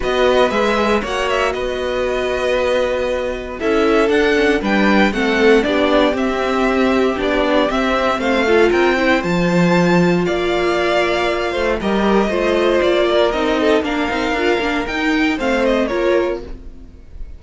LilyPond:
<<
  \new Staff \with { instrumentName = "violin" } { \time 4/4 \tempo 4 = 117 dis''4 e''4 fis''8 e''8 dis''4~ | dis''2. e''4 | fis''4 g''4 fis''4 d''4 | e''2 d''4 e''4 |
f''4 g''4 a''2 | f''2. dis''4~ | dis''4 d''4 dis''4 f''4~ | f''4 g''4 f''8 dis''8 cis''4 | }
  \new Staff \with { instrumentName = "violin" } { \time 4/4 b'2 cis''4 b'4~ | b'2. a'4~ | a'4 b'4 a'4 g'4~ | g'1 |
c''8 a'8 ais'8 c''2~ c''8 | d''2~ d''8 c''8 ais'4 | c''4. ais'4 a'8 ais'4~ | ais'2 c''4 ais'4 | }
  \new Staff \with { instrumentName = "viola" } { \time 4/4 fis'4 gis'4 fis'2~ | fis'2. e'4 | d'8 cis'8 d'4 c'4 d'4 | c'2 d'4 c'4~ |
c'8 f'4 e'8 f'2~ | f'2. g'4 | f'2 dis'4 d'8 dis'8 | f'8 d'8 dis'4 c'4 f'4 | }
  \new Staff \with { instrumentName = "cello" } { \time 4/4 b4 gis4 ais4 b4~ | b2. cis'4 | d'4 g4 a4 b4 | c'2 b4 c'4 |
a4 c'4 f2 | ais2~ ais8 a8 g4 | a4 ais4 c'4 ais8 c'8 | d'8 ais8 dis'4 a4 ais4 | }
>>